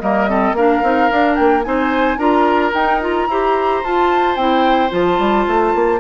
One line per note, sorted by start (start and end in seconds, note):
0.00 0.52 G3
0.00 0.28 A#3
0.00 0.29 A#4
0.00 0.55 D#5
0.28 0.55 C4
0.28 0.56 A4
0.52 0.79 A#3
0.52 0.83 D4
0.52 1.65 A#4
0.52 1.35 F5
0.82 1.10 C4
0.82 1.10 D#4
1.10 1.64 D4
1.10 1.37 D4
1.35 1.66 A#3
1.35 1.62 G5
1.63 2.17 C4
1.63 2.18 D#4
1.63 2.18 C5
1.63 2.18 G#5
2.17 2.72 D4
2.17 2.73 F4
2.17 3.27 A#4
2.17 2.72 A#5
2.73 3.27 D#4
2.73 3.00 D#4
2.73 3.01 G5
3.00 3.28 F4
3.00 3.84 A#5
3.27 3.82 E4
3.27 3.84 G4
3.27 6.00 C5
3.84 4.36 F4
3.84 4.38 F4
3.84 4.36 A5
4.36 4.91 C4
4.36 4.90 E4
4.36 4.90 G5
4.90 5.19 F3
4.90 5.99 F4
4.90 6.00 A5
5.19 5.46 G3
5.47 5.74 A3
5.74 6.00 A#3